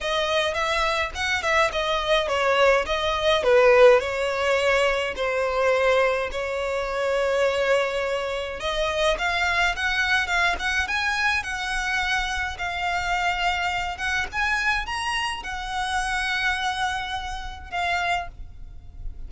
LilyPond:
\new Staff \with { instrumentName = "violin" } { \time 4/4 \tempo 4 = 105 dis''4 e''4 fis''8 e''8 dis''4 | cis''4 dis''4 b'4 cis''4~ | cis''4 c''2 cis''4~ | cis''2. dis''4 |
f''4 fis''4 f''8 fis''8 gis''4 | fis''2 f''2~ | f''8 fis''8 gis''4 ais''4 fis''4~ | fis''2. f''4 | }